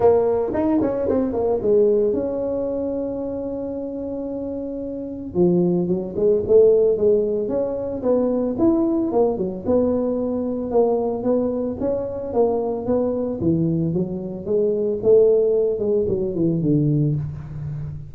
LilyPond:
\new Staff \with { instrumentName = "tuba" } { \time 4/4 \tempo 4 = 112 ais4 dis'8 cis'8 c'8 ais8 gis4 | cis'1~ | cis'2 f4 fis8 gis8 | a4 gis4 cis'4 b4 |
e'4 ais8 fis8 b2 | ais4 b4 cis'4 ais4 | b4 e4 fis4 gis4 | a4. gis8 fis8 e8 d4 | }